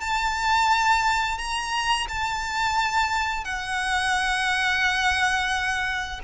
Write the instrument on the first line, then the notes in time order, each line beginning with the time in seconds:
violin
0.00 A5
1.38 A#5
2.08 A5
3.44 F#5